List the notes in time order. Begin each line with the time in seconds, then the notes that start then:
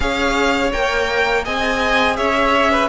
0.00 C#4 G#4 C#5 F5
0.72 A#3 A#4 G5
1.44 C4 G#4 D#5 G#5
2.16 C#4 C#5 E5
2.71 B4